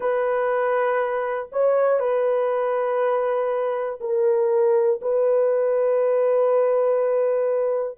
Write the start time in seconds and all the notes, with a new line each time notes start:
0.00 B4
1.52 C#5
1.99 B4
4.00 A#4
5.01 B4